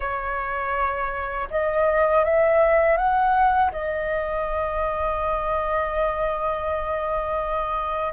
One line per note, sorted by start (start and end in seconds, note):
0.00 1.48 C#5
1.50 2.24 D#5
2.24 2.97 E5
2.97 3.71 F#5
3.71 8.13 D#5